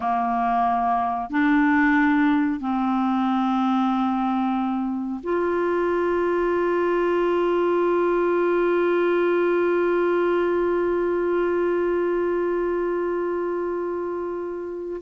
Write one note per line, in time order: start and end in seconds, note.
0.00 1.30 A#3
1.30 2.59 D4
2.59 5.20 C4
5.23 15.01 F4